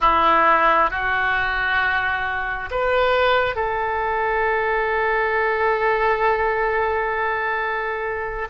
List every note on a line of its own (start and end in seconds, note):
0.00 0.90 E4
0.90 2.69 F#4
2.70 3.55 B4
3.55 8.48 A4